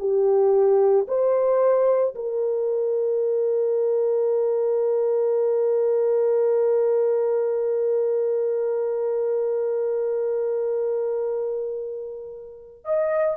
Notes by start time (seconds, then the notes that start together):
0.00 G4
1.08 C5
2.15 A#4
12.85 D#5